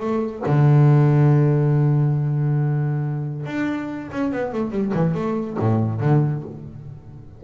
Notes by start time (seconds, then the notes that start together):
0.00 A3
0.46 D3
3.46 D4
4.12 C#4
4.32 B3
4.53 A3
4.71 G3
4.94 E3
5.14 A3
5.59 A2
6.01 D3